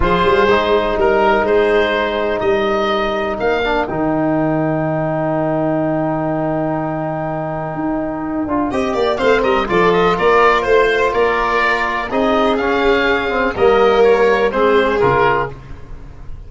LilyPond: <<
  \new Staff \with { instrumentName = "oboe" } { \time 4/4 \tempo 4 = 124 c''2 ais'4 c''4~ | c''4 dis''2 f''4 | g''1~ | g''1~ |
g''2. f''8 dis''8 | d''8 dis''8 d''4 c''4 d''4~ | d''4 dis''4 f''2 | dis''4 cis''4 c''4 ais'4 | }
  \new Staff \with { instrumentName = "violin" } { \time 4/4 gis'2 ais'4 gis'4~ | gis'4 ais'2.~ | ais'1~ | ais'1~ |
ais'2 dis''8 d''8 c''8 ais'8 | a'4 ais'4 c''4 ais'4~ | ais'4 gis'2. | ais'2 gis'2 | }
  \new Staff \with { instrumentName = "trombone" } { \time 4/4 f'4 dis'2.~ | dis'2.~ dis'8 d'8 | dis'1~ | dis'1~ |
dis'4. f'8 g'4 c'4 | f'1~ | f'4 dis'4 cis'4. c'8 | ais2 c'4 f'4 | }
  \new Staff \with { instrumentName = "tuba" } { \time 4/4 f8 g8 gis4 g4 gis4~ | gis4 g2 ais4 | dis1~ | dis1 |
dis'4. d'8 c'8 ais8 a8 g8 | f4 ais4 a4 ais4~ | ais4 c'4 cis'2 | g2 gis4 cis4 | }
>>